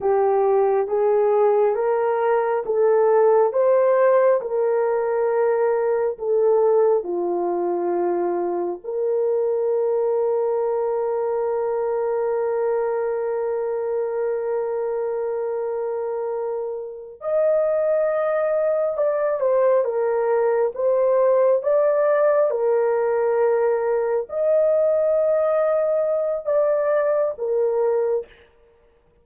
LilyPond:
\new Staff \with { instrumentName = "horn" } { \time 4/4 \tempo 4 = 68 g'4 gis'4 ais'4 a'4 | c''4 ais'2 a'4 | f'2 ais'2~ | ais'1~ |
ais'2.~ ais'8 dis''8~ | dis''4. d''8 c''8 ais'4 c''8~ | c''8 d''4 ais'2 dis''8~ | dis''2 d''4 ais'4 | }